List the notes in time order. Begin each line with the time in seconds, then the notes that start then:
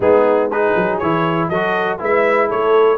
0.00 G#3 B3 D#4 G#4
0.50 D#4 G#4 B4
0.75 F#3
0.98 E3 E4 C#5
1.49 F#3 F#4 A4 D#5
1.98 G#3 E4 B4 E5
2.48 A3 A4 C#5